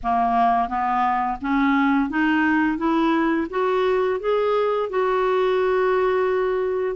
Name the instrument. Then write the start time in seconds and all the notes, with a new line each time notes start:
clarinet
0.03 A#3
0.68 B3
1.41 C#4
2.09 D#4
2.77 E4
3.50 F#4
4.20 G#4
4.89 F#4